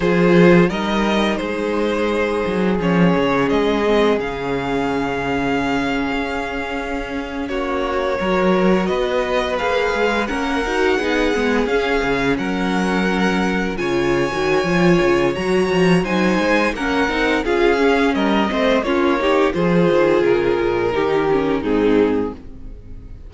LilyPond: <<
  \new Staff \with { instrumentName = "violin" } { \time 4/4 \tempo 4 = 86 c''4 dis''4 c''2 | cis''4 dis''4 f''2~ | f''2~ f''8. cis''4~ cis''16~ | cis''8. dis''4 f''4 fis''4~ fis''16~ |
fis''8. f''4 fis''2 gis''16~ | gis''2 ais''4 gis''4 | fis''4 f''4 dis''4 cis''4 | c''4 ais'2 gis'4 | }
  \new Staff \with { instrumentName = "violin" } { \time 4/4 gis'4 ais'4 gis'2~ | gis'1~ | gis'2~ gis'8. fis'4 ais'16~ | ais'8. b'2 ais'4 gis'16~ |
gis'4.~ gis'16 ais'2 cis''16~ | cis''2. c''4 | ais'4 gis'4 ais'8 c''8 f'8 g'8 | gis'2 g'4 dis'4 | }
  \new Staff \with { instrumentName = "viola" } { \time 4/4 f'4 dis'2. | cis'4. c'8 cis'2~ | cis'2.~ cis'8. fis'16~ | fis'4.~ fis'16 gis'4 cis'8 fis'8 dis'16~ |
dis'16 b8 cis'2. f'16~ | f'8 fis'8 f'4 fis'4 dis'4 | cis'8 dis'8 f'8 cis'4 c'8 cis'8 dis'8 | f'2 dis'8 cis'8 c'4 | }
  \new Staff \with { instrumentName = "cello" } { \time 4/4 f4 g4 gis4. fis8 | f8 cis8 gis4 cis2~ | cis8. cis'2 ais4 fis16~ | fis8. b4 ais8 gis8 ais8 dis'8 b16~ |
b16 gis8 cis'8 cis8 fis2 cis16~ | cis8 dis8 f8 cis8 fis8 f8 fis8 gis8 | ais8 c'8 cis'4 g8 a8 ais4 | f8 dis8 cis8 ais,8 dis4 gis,4 | }
>>